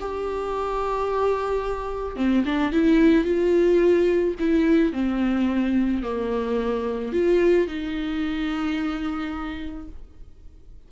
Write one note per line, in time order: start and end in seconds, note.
0.00 2.16 G4
2.16 2.44 C4
2.45 2.72 D4
2.72 3.24 E4
3.24 4.34 F4
4.39 4.92 E4
4.92 6.03 C4
6.03 7.13 A#3
7.13 7.67 F4
7.67 9.88 D#4